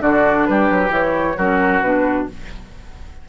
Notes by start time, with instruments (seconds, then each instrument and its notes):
0.00 bassoon D3, clarinet D4, oboe F#4, flute D5
0.46 bassoon G3, oboe G4, flute B4
0.70 bassoon F#3
0.88 bassoon E3, clarinet E4, flute C#5
1.37 bassoon F#3, clarinet C#4, oboe F#4, flute A#4
1.82 bassoon B2, clarinet D4, flute B4